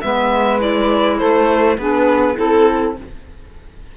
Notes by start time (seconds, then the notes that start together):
0.00 G#3 B3 B4 E5
0.59 E4 D5
1.17 A3 A4 C5
1.77 B3 D4 G#4 B4
2.35 C4 E4 A4